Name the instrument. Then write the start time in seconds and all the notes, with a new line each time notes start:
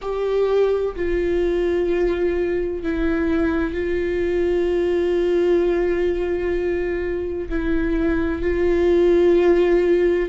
viola
0.01 G4
0.95 F4
2.83 E4
3.73 F4
7.49 E4
8.42 F4